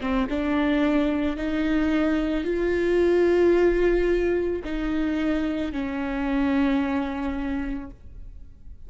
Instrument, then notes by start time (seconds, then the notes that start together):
viola
0.00 C4
0.30 D4
1.36 D#4
2.44 F4
4.64 D#4
5.72 C#4